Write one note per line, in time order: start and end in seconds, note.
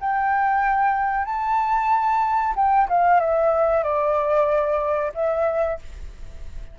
0.00 1.25 G5
1.25 2.54 A5
2.55 2.88 G5
2.89 3.20 F5
3.20 3.83 E5
3.83 5.12 D5
5.14 5.79 E5